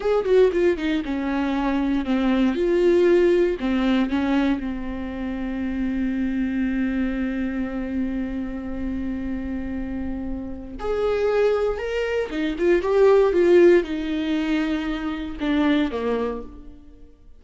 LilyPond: \new Staff \with { instrumentName = "viola" } { \time 4/4 \tempo 4 = 117 gis'8 fis'8 f'8 dis'8 cis'2 | c'4 f'2 c'4 | cis'4 c'2.~ | c'1~ |
c'1~ | c'4 gis'2 ais'4 | dis'8 f'8 g'4 f'4 dis'4~ | dis'2 d'4 ais4 | }